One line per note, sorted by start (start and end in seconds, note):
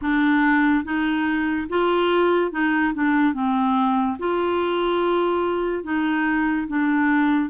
0.01 0.84 D4
0.84 1.67 D#4
1.69 2.52 F4
2.52 2.93 D#4
2.94 3.33 D4
3.33 4.17 C4
4.19 5.83 F4
5.83 6.67 D#4
6.67 7.49 D4